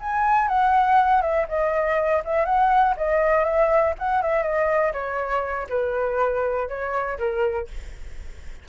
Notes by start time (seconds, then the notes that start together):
0.00 G#5
0.48 F#5
1.22 E5
1.49 D#5
2.25 E5
2.45 F#5
2.97 D#5
3.45 E5
3.99 F#5
4.22 E5
4.43 D#5
4.93 C#5
5.69 B4
6.68 C#5
7.18 A#4